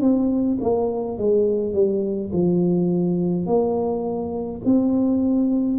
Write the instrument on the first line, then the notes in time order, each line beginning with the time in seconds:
tuba
0.00 C4
0.60 A#3
1.17 G#3
1.73 G3
2.32 F3
3.46 A#3
4.65 C4